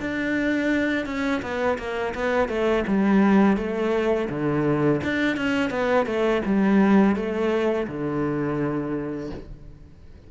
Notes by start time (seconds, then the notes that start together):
0.00 D4
1.06 C#4
1.42 B3
1.78 A#3
2.15 B3
2.48 A3
2.87 G3
3.57 A3
4.29 D3
5.04 D4
5.36 C#4
5.70 B3
6.06 A3
6.45 G3
7.16 A3
7.87 D3